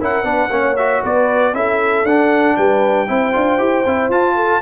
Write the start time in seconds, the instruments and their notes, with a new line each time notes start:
0.00 tuba C#4, trombone E4, horn A#4, trumpet F#5
0.23 tuba B3, trombone D4, horn B4
0.50 tuba A#3, trombone C#4, horn C#5
0.76 trombone F#4, trumpet E5
1.03 tuba B3, horn B4, trumpet D5
1.53 tuba C#4, trombone E4, horn A4, trumpet E5
2.03 tuba D4, trombone D4, trumpet F#5
2.56 tuba G3, horn B4, trumpet G5
3.07 tuba C4, trombone E4, horn C5
3.32 tuba D4, trombone F4
3.58 tuba E4, trombone G4
3.85 tuba C4, trombone E4
4.09 tuba F4, trombone F4, trumpet A5
4.35 horn A4